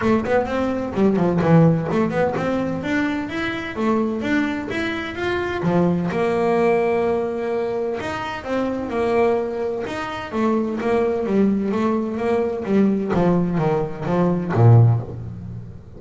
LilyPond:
\new Staff \with { instrumentName = "double bass" } { \time 4/4 \tempo 4 = 128 a8 b8 c'4 g8 f8 e4 | a8 b8 c'4 d'4 e'4 | a4 d'4 e'4 f'4 | f4 ais2.~ |
ais4 dis'4 c'4 ais4~ | ais4 dis'4 a4 ais4 | g4 a4 ais4 g4 | f4 dis4 f4 ais,4 | }